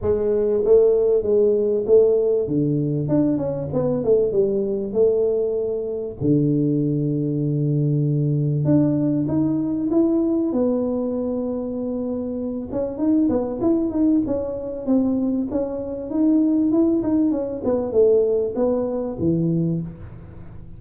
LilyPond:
\new Staff \with { instrumentName = "tuba" } { \time 4/4 \tempo 4 = 97 gis4 a4 gis4 a4 | d4 d'8 cis'8 b8 a8 g4 | a2 d2~ | d2 d'4 dis'4 |
e'4 b2.~ | b8 cis'8 dis'8 b8 e'8 dis'8 cis'4 | c'4 cis'4 dis'4 e'8 dis'8 | cis'8 b8 a4 b4 e4 | }